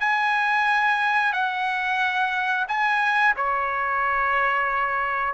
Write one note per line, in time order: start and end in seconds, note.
0.00 1.33 G#5
1.33 2.66 F#5
2.68 3.35 G#5
3.37 5.34 C#5